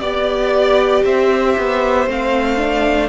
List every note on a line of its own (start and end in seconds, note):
0.00 1.04 B3
0.00 2.08 G4
0.00 1.03 D5
0.00 1.05 D5
1.04 1.56 C4
1.04 3.09 C5
1.04 2.09 E5
1.58 2.07 B3
2.07 3.09 A3
2.07 2.57 C4
2.07 3.09 F5
2.57 3.09 D4